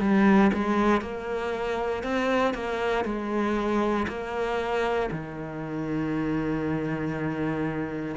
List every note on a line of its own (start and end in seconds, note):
0.00 0.51 G3
0.53 1.01 G#3
1.01 2.03 A#3
2.03 2.54 C4
2.54 3.05 A#3
3.05 4.06 G#3
4.08 5.09 A#3
5.11 8.16 D#3